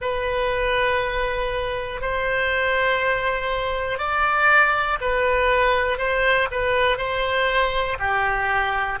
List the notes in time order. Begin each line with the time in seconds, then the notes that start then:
0.01 B4
2.00 C5
3.98 D5
5.00 B4
5.98 C5
6.50 B4
6.97 C5
7.99 G4